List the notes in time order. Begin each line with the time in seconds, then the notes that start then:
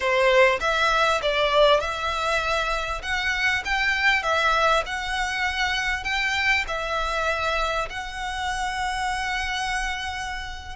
0.00 C5
0.60 E5
1.21 D5
1.80 E5
3.02 F#5
3.64 G5
4.22 E5
4.86 F#5
6.04 G5
6.67 E5
7.89 F#5